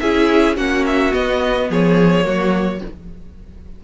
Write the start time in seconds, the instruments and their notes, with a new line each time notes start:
0.00 cello C#4, viola E4, violin G#4 E5
0.57 cello A#3, viola C#4, violin F#4 F#5
0.87 violin E5
1.13 viola B3, cello B3, violin D#5
1.70 cello F3, violin G#4 C#5
2.23 cello F#3, viola A#3, violin F#4